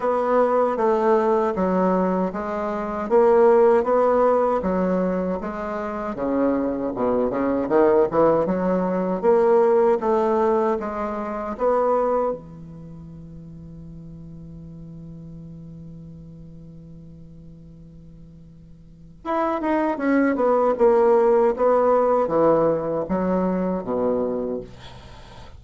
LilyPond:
\new Staff \with { instrumentName = "bassoon" } { \time 4/4 \tempo 4 = 78 b4 a4 fis4 gis4 | ais4 b4 fis4 gis4 | cis4 b,8 cis8 dis8 e8 fis4 | ais4 a4 gis4 b4 |
e1~ | e1~ | e4 e'8 dis'8 cis'8 b8 ais4 | b4 e4 fis4 b,4 | }